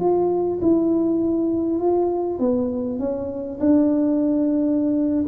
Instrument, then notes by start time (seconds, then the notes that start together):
tuba
0.00 F4
0.62 E4
1.80 F4
2.39 B3
3.00 C#4
3.60 D4